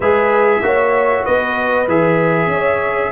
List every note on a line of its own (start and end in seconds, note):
0.00 0.61 G#3
0.00 0.62 G#4
0.00 0.61 B4
0.00 1.25 E5
0.62 1.24 A#3
0.62 1.87 F#4
0.62 1.24 C#5
1.24 1.87 B3
1.24 2.49 B4
1.24 1.87 D#5
1.87 2.46 E3
1.87 3.11 G#4
1.87 3.11 E5
2.46 3.09 C#4
2.46 3.11 C#5